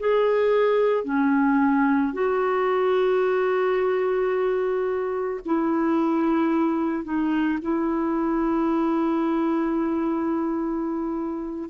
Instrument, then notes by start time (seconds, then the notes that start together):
clarinet
0.00 G#4
1.05 C#4
2.13 F#4
5.45 E4
7.05 D#4
7.62 E4